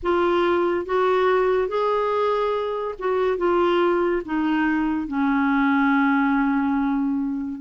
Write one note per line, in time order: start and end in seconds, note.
0.02 0.85 F4
0.85 1.67 F#4
1.67 2.94 G#4
2.98 3.37 F#4
3.37 4.22 F4
4.25 5.07 D#4
5.07 7.61 C#4